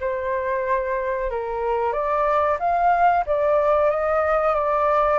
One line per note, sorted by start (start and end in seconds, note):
0.00 1.30 C5
1.30 1.92 A#4
1.92 2.58 D5
2.59 3.24 F5
3.26 3.90 D5
3.90 4.54 D#5
4.54 5.19 D5